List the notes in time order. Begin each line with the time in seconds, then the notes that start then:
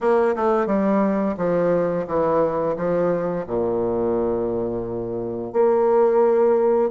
0.00 A#3
0.35 A3
0.66 G3
1.37 F3
2.07 E3
2.76 F3
3.47 A#2
5.52 A#3